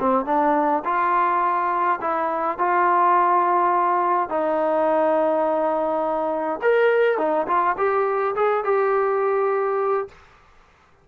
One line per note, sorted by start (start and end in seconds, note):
0.00 0.26 C4
0.26 0.83 D4
0.85 2.00 F4
2.01 2.58 E4
2.58 4.30 F4
4.30 6.60 D#4
6.62 7.18 A#4
7.18 7.47 D#4
7.47 7.76 F4
7.78 8.35 G4
8.35 8.64 G#4
8.64 10.09 G4